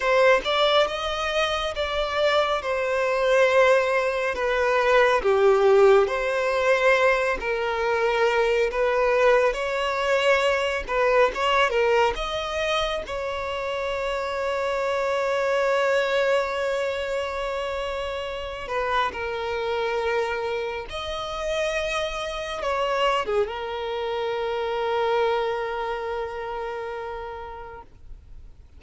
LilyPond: \new Staff \with { instrumentName = "violin" } { \time 4/4 \tempo 4 = 69 c''8 d''8 dis''4 d''4 c''4~ | c''4 b'4 g'4 c''4~ | c''8 ais'4. b'4 cis''4~ | cis''8 b'8 cis''8 ais'8 dis''4 cis''4~ |
cis''1~ | cis''4. b'8 ais'2 | dis''2 cis''8. gis'16 ais'4~ | ais'1 | }